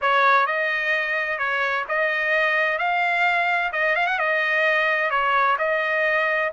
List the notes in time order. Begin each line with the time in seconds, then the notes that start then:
0.01 C#5
0.46 D#5
1.38 C#5
1.88 D#5
2.78 F5
3.72 D#5
3.95 F5
4.07 F#5
4.18 D#5
5.10 C#5
5.58 D#5